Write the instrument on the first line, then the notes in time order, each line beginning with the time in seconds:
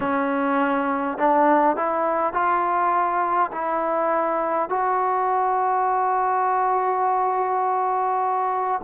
trombone
0.00 C#4
1.18 D4
1.76 E4
2.33 F4
3.51 E4
4.69 F#4